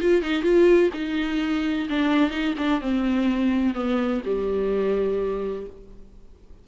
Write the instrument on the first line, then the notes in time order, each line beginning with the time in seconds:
viola
0.00 F4
0.22 D#4
0.42 F4
0.93 D#4
1.89 D4
2.30 D#4
2.57 D4
2.81 C4
3.74 B3
4.25 G3